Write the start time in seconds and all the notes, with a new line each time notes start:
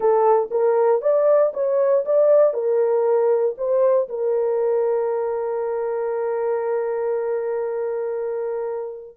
0.00 A4
0.51 A#4
1.01 D5
1.53 C#5
2.05 D5
2.53 A#4
3.57 C5
4.09 A#4